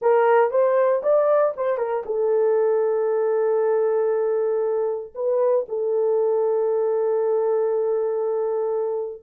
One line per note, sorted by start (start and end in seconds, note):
0.01 0.50 A#4
0.50 1.02 C5
1.02 1.54 D5
1.56 1.77 C5
1.77 2.03 A#4
2.05 5.13 A4
5.14 5.65 B4
5.68 9.22 A4